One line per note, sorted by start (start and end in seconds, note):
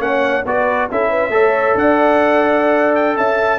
0.00 0.43 A#3
0.00 0.44 C#4
0.00 0.46 C#5
0.00 0.45 F#5
0.46 0.89 B3
0.46 0.91 F#4
0.46 0.91 B4
0.46 0.90 D5
0.91 1.30 C#4
0.91 1.32 E4
0.91 1.10 A4
0.91 1.78 E5
1.10 1.32 B4
1.30 1.73 A3
1.30 3.60 A4
1.30 1.77 C#5
1.75 3.17 D4
1.75 3.17 D5
1.75 2.96 F#5
2.96 3.17 G5
3.17 3.60 C#4
3.17 3.60 E5
3.17 3.60 A5